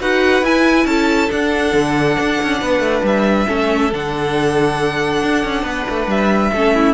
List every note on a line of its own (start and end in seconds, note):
0.00 0.42 D#4
0.00 0.44 F#4
0.00 0.87 B4
0.00 0.45 F#5
0.42 0.85 E4
0.42 1.29 E4
0.42 0.86 G#5
0.85 1.29 C#4
0.85 2.60 A4
0.85 1.30 A5
1.29 3.46 D4
1.29 1.73 D4
1.29 3.05 F#5
1.73 2.16 D3
2.20 2.42 D4
2.42 2.61 C#4
2.60 2.79 B3
2.60 3.47 B4
2.79 3.01 A3
3.02 3.46 G3
3.02 3.93 E5
3.46 3.92 A3
3.46 3.90 C#4
3.46 5.64 A4
3.92 5.22 D3
3.92 6.53 D4
3.92 6.10 F#5
5.22 5.44 D4
5.44 5.62 C#4
5.62 5.84 B3
5.62 6.51 B4
5.89 6.07 A3
6.07 6.50 G3
6.07 6.93 E5
6.52 6.93 A3
6.52 6.93 C#4
6.52 6.74 A4
6.74 6.93 E4